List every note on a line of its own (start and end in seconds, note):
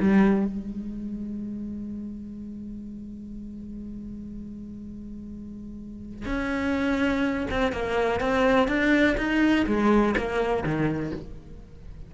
0.00 0.46 G3
0.46 6.26 G#3
6.26 7.47 C#4
7.50 7.72 C4
7.72 8.20 A#3
8.20 8.68 C4
8.68 9.16 D4
9.17 9.66 D#4
9.67 10.15 G#3
10.17 10.63 A#3
10.63 11.12 D#3